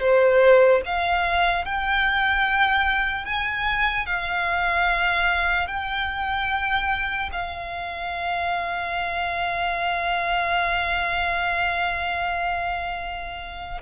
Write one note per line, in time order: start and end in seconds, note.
0.00 0.81 C5
0.85 1.64 F5
1.64 3.25 G5
3.25 4.06 G#5
4.06 5.67 F5
5.67 7.29 G5
7.32 13.81 F5